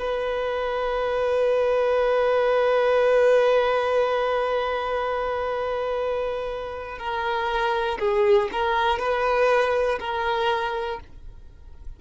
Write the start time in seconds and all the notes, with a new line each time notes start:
0.00 B4
6.99 A#4
8.00 G#4
8.52 A#4
9.00 B4
10.00 A#4